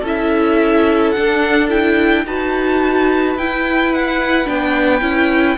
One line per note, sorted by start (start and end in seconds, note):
0.00 1.13 C#4
0.00 1.15 E4
0.00 2.22 A4
0.06 1.11 E5
1.11 1.68 D4
1.11 2.24 D4
1.11 1.66 F#5
1.68 2.24 E4
1.68 2.25 G5
2.24 3.35 D#4
2.24 3.37 F#4
2.24 5.58 B4
2.24 3.37 A5
3.35 4.46 E4
3.35 4.44 E4
3.35 3.93 G5
3.93 4.48 F#5
4.44 5.01 B3
4.44 5.00 D4
4.44 5.58 G5
5.00 5.56 C#4
5.00 5.56 E4